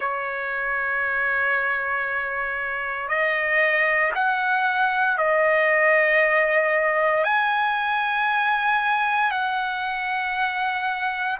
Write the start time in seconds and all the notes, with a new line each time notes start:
0.00 C#5
3.08 D#5
4.14 F#5
5.17 D#5
7.24 G#5
9.31 F#5